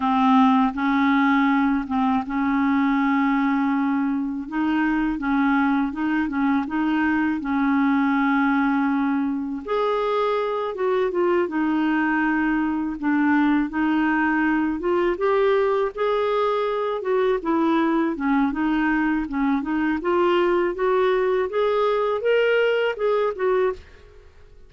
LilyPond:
\new Staff \with { instrumentName = "clarinet" } { \time 4/4 \tempo 4 = 81 c'4 cis'4. c'8 cis'4~ | cis'2 dis'4 cis'4 | dis'8 cis'8 dis'4 cis'2~ | cis'4 gis'4. fis'8 f'8 dis'8~ |
dis'4. d'4 dis'4. | f'8 g'4 gis'4. fis'8 e'8~ | e'8 cis'8 dis'4 cis'8 dis'8 f'4 | fis'4 gis'4 ais'4 gis'8 fis'8 | }